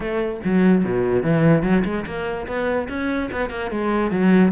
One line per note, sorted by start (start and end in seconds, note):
0.00 0.40 A3
0.44 0.84 F#3
0.84 1.22 B2
1.22 1.63 E3
1.63 1.83 F#3
1.84 2.05 G#3
2.05 2.47 A#3
2.47 2.88 B3
2.88 3.30 C#4
3.31 3.50 B3
3.50 3.70 A#3
3.70 4.11 G#3
4.11 4.51 F#3